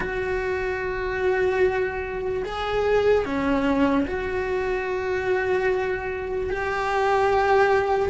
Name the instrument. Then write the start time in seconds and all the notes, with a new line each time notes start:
cello
0.00 F#4
2.44 G#4
3.25 C#4
4.07 F#4
6.49 G4